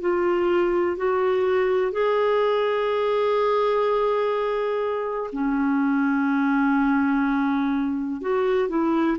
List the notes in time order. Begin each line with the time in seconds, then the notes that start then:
0.00 F4
0.96 F#4
1.91 G#4
5.32 C#4
8.21 F#4
8.68 E4